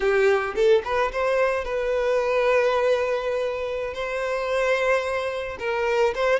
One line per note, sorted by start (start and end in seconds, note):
0.00 0.54 G4
0.55 0.82 A4
0.84 1.11 B4
1.12 1.64 C5
1.64 3.93 B4
3.93 5.57 C5
5.59 6.13 A#4
6.15 6.39 C5